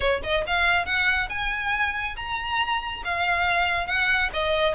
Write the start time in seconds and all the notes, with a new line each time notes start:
0.00 C#5
0.23 D#5
0.47 F5
0.85 F#5
1.29 G#5
2.16 A#5
3.04 F5
3.87 F#5
4.33 D#5